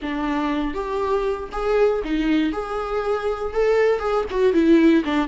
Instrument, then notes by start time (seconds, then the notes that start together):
viola
0.02 D4
0.73 G4
1.51 G#4
2.04 D#4
2.52 G#4
3.53 A4
3.99 G#4
4.30 F#4
4.53 E4
5.04 D4